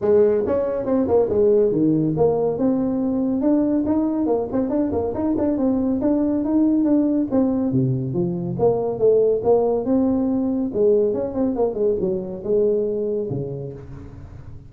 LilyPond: \new Staff \with { instrumentName = "tuba" } { \time 4/4 \tempo 4 = 140 gis4 cis'4 c'8 ais8 gis4 | dis4 ais4 c'2 | d'4 dis'4 ais8 c'8 d'8 ais8 | dis'8 d'8 c'4 d'4 dis'4 |
d'4 c'4 c4 f4 | ais4 a4 ais4 c'4~ | c'4 gis4 cis'8 c'8 ais8 gis8 | fis4 gis2 cis4 | }